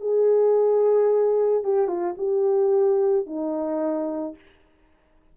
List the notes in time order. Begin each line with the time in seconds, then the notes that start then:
0.00 G#4
1.63 G4
1.87 F4
2.17 G4
3.26 D#4